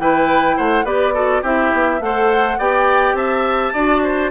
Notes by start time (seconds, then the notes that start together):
0.00 E3 E4 B4 G5
0.57 A3 C5 F#5
0.85 B3 G4 B4 D5
1.14 F#4 A4
1.42 C4 E4 G4 E5
1.74 B3
2.01 A3 A4 C5 F#5
2.59 B3 G4 D5 G5
3.14 C4 E5 A5
3.74 D4 F#4 D5
4.04 C5